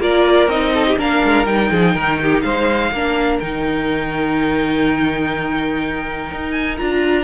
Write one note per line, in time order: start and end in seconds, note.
0.00 0.48 A#3
0.00 0.49 F4
0.00 0.74 A#4
0.00 0.50 D5
0.48 0.96 C4
0.48 0.99 D#4
0.48 0.98 D#5
0.74 0.86 A4
0.88 0.99 G4
0.99 1.23 A#3
0.99 1.47 D4
0.99 1.71 A#4
0.99 1.46 F5
1.24 1.47 G#3
1.46 1.71 G3
1.46 2.92 D#4
1.46 2.41 G5
1.71 1.95 F3
1.71 1.95 G#4
1.95 2.44 D#3
1.95 2.19 A#4
2.23 2.45 G4
2.41 2.92 G#3
2.41 2.93 C5
2.41 3.38 F5
2.92 3.40 A#3
2.92 3.43 D4
2.92 7.25 A#4
3.40 6.32 D#3
3.40 6.79 D#4
3.40 6.52 G5
6.32 6.80 D#4
6.52 6.76 G#5
6.78 7.25 D4
6.78 7.25 F4
6.78 7.25 A#5